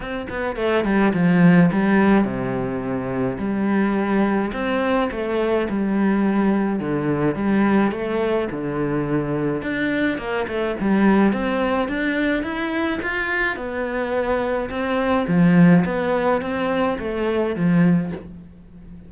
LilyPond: \new Staff \with { instrumentName = "cello" } { \time 4/4 \tempo 4 = 106 c'8 b8 a8 g8 f4 g4 | c2 g2 | c'4 a4 g2 | d4 g4 a4 d4~ |
d4 d'4 ais8 a8 g4 | c'4 d'4 e'4 f'4 | b2 c'4 f4 | b4 c'4 a4 f4 | }